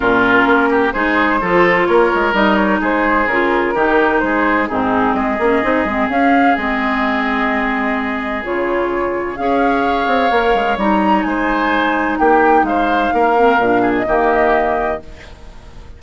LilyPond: <<
  \new Staff \with { instrumentName = "flute" } { \time 4/4 \tempo 4 = 128 ais'2 c''2 | cis''4 dis''8 cis''8 c''4 ais'4~ | ais'4 c''4 gis'4 dis''4~ | dis''4 f''4 dis''2~ |
dis''2 cis''2 | f''2. ais''4 | gis''2 g''4 f''4~ | f''4.~ f''16 dis''2~ dis''16 | }
  \new Staff \with { instrumentName = "oboe" } { \time 4/4 f'4. g'8 gis'4 a'4 | ais'2 gis'2 | g'4 gis'4 dis'4 gis'4~ | gis'1~ |
gis'1 | cis''1 | c''2 g'4 c''4 | ais'4. gis'8 g'2 | }
  \new Staff \with { instrumentName = "clarinet" } { \time 4/4 cis'2 dis'4 f'4~ | f'4 dis'2 f'4 | dis'2 c'4. cis'8 | dis'8 c'8 cis'4 c'2~ |
c'2 f'2 | gis'2 ais'4 dis'4~ | dis'1~ | dis'8 c'8 d'4 ais2 | }
  \new Staff \with { instrumentName = "bassoon" } { \time 4/4 ais,4 ais4 gis4 f4 | ais8 gis8 g4 gis4 cis4 | dis4 gis4 gis,4 gis8 ais8 | c'8 gis8 cis'4 gis2~ |
gis2 cis2 | cis'4. c'8 ais8 gis8 g4 | gis2 ais4 gis4 | ais4 ais,4 dis2 | }
>>